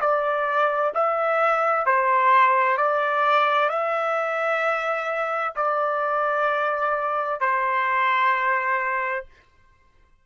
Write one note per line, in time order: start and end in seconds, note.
0.00 0.92 D5
0.94 1.86 E5
1.86 2.77 C5
2.77 3.69 D5
3.69 5.53 E5
5.55 7.40 D5
7.40 9.25 C5